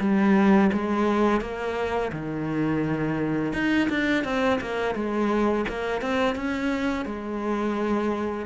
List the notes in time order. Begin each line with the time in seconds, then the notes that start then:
0.00 G3
0.73 G#3
1.41 A#3
2.12 D#3
3.53 D#4
3.90 D4
4.24 C4
4.61 A#3
4.95 G#3
5.69 A#3
6.02 C4
6.36 C#4
7.06 G#3